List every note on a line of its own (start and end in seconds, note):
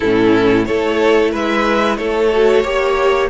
0.00 0.68 A2
0.00 0.66 C#4
0.00 0.65 E4
0.00 0.65 A4
0.65 1.34 A3
0.65 2.30 E4
0.65 1.31 A4
0.65 1.31 C#5
1.31 1.98 G#3
1.31 1.97 B4
1.31 1.96 E5
1.96 2.63 A3
1.96 2.63 A4
1.96 3.28 C#5
2.32 2.64 F#4
2.63 3.29 A#3
2.63 3.29 G4
2.63 3.29 C#5